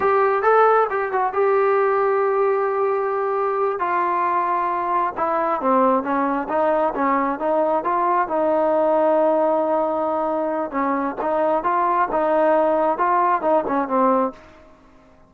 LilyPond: \new Staff \with { instrumentName = "trombone" } { \time 4/4 \tempo 4 = 134 g'4 a'4 g'8 fis'8 g'4~ | g'1~ | g'8 f'2. e'8~ | e'8 c'4 cis'4 dis'4 cis'8~ |
cis'8 dis'4 f'4 dis'4.~ | dis'1 | cis'4 dis'4 f'4 dis'4~ | dis'4 f'4 dis'8 cis'8 c'4 | }